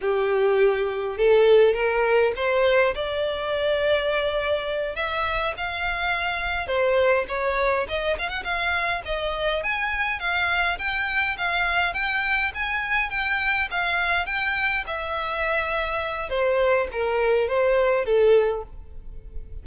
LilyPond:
\new Staff \with { instrumentName = "violin" } { \time 4/4 \tempo 4 = 103 g'2 a'4 ais'4 | c''4 d''2.~ | d''8 e''4 f''2 c''8~ | c''8 cis''4 dis''8 f''16 fis''16 f''4 dis''8~ |
dis''8 gis''4 f''4 g''4 f''8~ | f''8 g''4 gis''4 g''4 f''8~ | f''8 g''4 e''2~ e''8 | c''4 ais'4 c''4 a'4 | }